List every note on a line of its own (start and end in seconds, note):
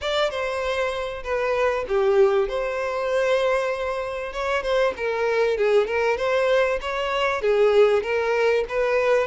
0.01 0.30 D5
0.30 1.23 C5
1.23 1.85 B4
1.88 2.48 G4
2.48 4.32 C5
4.32 4.63 C#5
4.63 4.93 C5
4.96 5.57 A#4
5.57 5.86 G#4
5.86 6.17 A#4
6.17 6.79 C5
6.81 7.41 C#5
7.41 8.02 G#4
8.02 8.64 A#4
8.69 9.27 B4